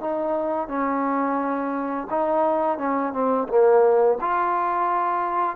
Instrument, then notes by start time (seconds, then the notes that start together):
trombone
0.00 D#4
0.68 C#4
2.10 D#4
2.77 C#4
3.12 C4
3.48 A#3
4.21 F4